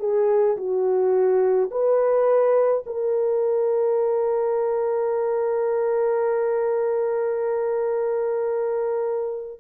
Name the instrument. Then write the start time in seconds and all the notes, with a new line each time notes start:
horn
0.00 G#4
0.57 F#4
1.71 B4
2.87 A#4